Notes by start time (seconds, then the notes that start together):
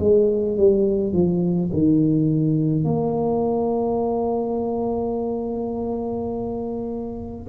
0.00 G#3
0.58 G3
1.13 F3
1.73 D#3
2.85 A#3